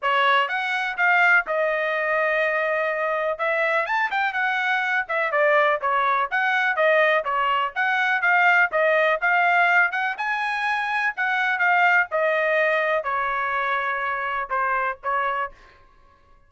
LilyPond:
\new Staff \with { instrumentName = "trumpet" } { \time 4/4 \tempo 4 = 124 cis''4 fis''4 f''4 dis''4~ | dis''2. e''4 | a''8 g''8 fis''4. e''8 d''4 | cis''4 fis''4 dis''4 cis''4 |
fis''4 f''4 dis''4 f''4~ | f''8 fis''8 gis''2 fis''4 | f''4 dis''2 cis''4~ | cis''2 c''4 cis''4 | }